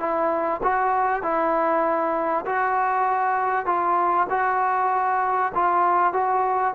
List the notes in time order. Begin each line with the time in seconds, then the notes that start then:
0.00 E4
0.63 F#4
1.23 E4
2.46 F#4
3.66 F4
4.30 F#4
5.55 F4
6.13 F#4